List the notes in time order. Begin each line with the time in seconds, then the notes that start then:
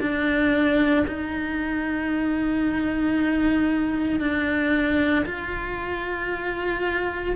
0.00 D4
1.07 D#4
4.20 D4
5.25 F4